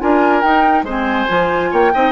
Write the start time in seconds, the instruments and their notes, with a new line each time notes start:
0.00 bassoon D4, clarinet F4, oboe A#4, flute G#5
0.42 clarinet D#4, bassoon D#4, flute G5
0.83 bassoon G#3, clarinet C4, oboe C5
0.90 flute G#5
1.28 bassoon F3, clarinet F4
1.71 bassoon A#3, oboe C#5, flute G5
1.94 bassoon C4, clarinet D#4, oboe D#5